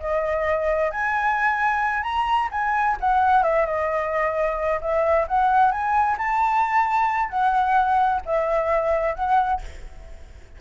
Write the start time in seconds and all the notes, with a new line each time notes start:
0.00 D#5
0.91 G#5
2.03 A#5
2.51 G#5
3.00 F#5
3.43 E5
3.66 D#5
4.81 E5
5.28 F#5
5.71 G#5
6.18 A5
7.29 F#5
8.25 E5
9.15 F#5